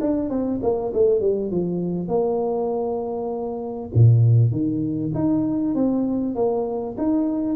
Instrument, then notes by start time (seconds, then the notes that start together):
tuba
0.00 D4
0.29 C4
0.62 A#3
0.94 A3
1.20 G3
1.51 F3
2.08 A#3
3.94 A#2
4.52 D#3
5.14 D#4
5.75 C4
6.35 A#3
6.98 D#4